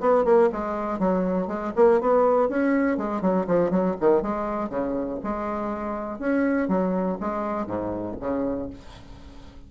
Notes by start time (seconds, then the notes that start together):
0.00 B3
0.25 A#3
0.52 G#3
0.99 F#3
1.47 G#3
1.76 A#3
2.00 B3
2.49 C#4
2.97 G#3
3.21 F#3
3.47 F3
3.71 F#3
4.00 D#3
4.22 G#3
4.69 C#3
5.23 G#3
6.19 C#4
6.68 F#3
7.20 G#3
7.66 G#2
8.20 C#3